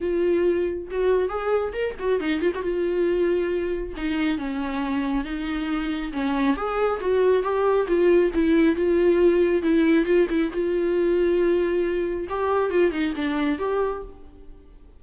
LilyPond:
\new Staff \with { instrumentName = "viola" } { \time 4/4 \tempo 4 = 137 f'2 fis'4 gis'4 | ais'8 fis'8 dis'8 f'16 fis'16 f'2~ | f'4 dis'4 cis'2 | dis'2 cis'4 gis'4 |
fis'4 g'4 f'4 e'4 | f'2 e'4 f'8 e'8 | f'1 | g'4 f'8 dis'8 d'4 g'4 | }